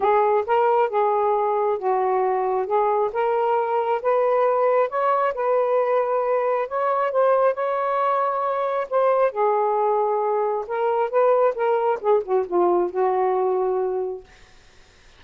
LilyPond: \new Staff \with { instrumentName = "saxophone" } { \time 4/4 \tempo 4 = 135 gis'4 ais'4 gis'2 | fis'2 gis'4 ais'4~ | ais'4 b'2 cis''4 | b'2. cis''4 |
c''4 cis''2. | c''4 gis'2. | ais'4 b'4 ais'4 gis'8 fis'8 | f'4 fis'2. | }